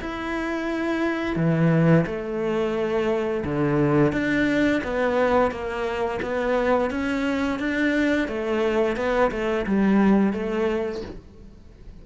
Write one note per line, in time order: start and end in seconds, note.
0.00 1.36 E4
1.36 2.05 E3
2.06 3.44 A3
3.45 4.12 D3
4.12 4.81 D4
4.84 5.51 B3
5.51 6.20 A#3
6.22 6.90 B3
6.90 7.59 C#4
7.59 8.28 D4
8.28 8.96 A3
8.96 9.31 B3
9.31 9.65 A3
9.66 10.32 G3
10.32 11.01 A3